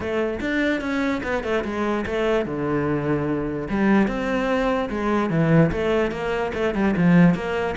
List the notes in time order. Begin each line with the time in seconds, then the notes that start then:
0.00 A3
0.40 D4
0.80 C#4
1.23 B3
1.43 A3
1.64 G#3
2.06 A3
2.45 D3
3.69 G3
4.07 C4
4.89 G#3
5.29 E3
5.71 A3
6.11 A#3
6.54 A3
6.74 G3
6.96 F3
7.34 A#3